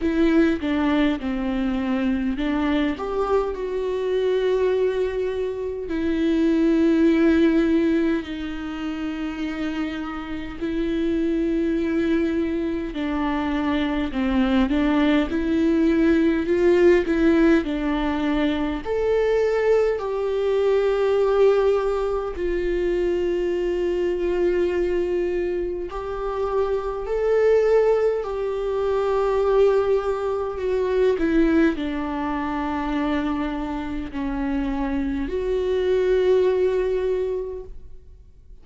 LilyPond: \new Staff \with { instrumentName = "viola" } { \time 4/4 \tempo 4 = 51 e'8 d'8 c'4 d'8 g'8 fis'4~ | fis'4 e'2 dis'4~ | dis'4 e'2 d'4 | c'8 d'8 e'4 f'8 e'8 d'4 |
a'4 g'2 f'4~ | f'2 g'4 a'4 | g'2 fis'8 e'8 d'4~ | d'4 cis'4 fis'2 | }